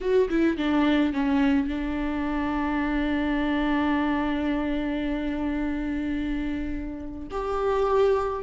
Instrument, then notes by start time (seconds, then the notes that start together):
viola
0.00 F#4
0.29 E4
0.57 D4
1.13 C#4
1.67 D4
7.30 G4